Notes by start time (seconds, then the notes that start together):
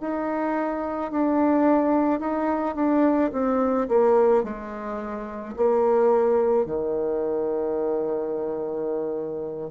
0.00 D#4
1.11 D4
2.20 D#4
2.75 D4
3.32 C4
3.88 A#3
4.43 G#3
5.57 A#3
6.66 D#3